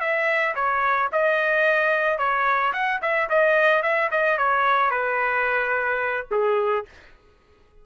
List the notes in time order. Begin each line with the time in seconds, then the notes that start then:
0.00 E5
0.55 C#5
1.12 D#5
2.18 C#5
2.73 F#5
3.01 E5
3.29 D#5
3.82 E5
4.11 D#5
4.38 C#5
4.90 B4
6.31 G#4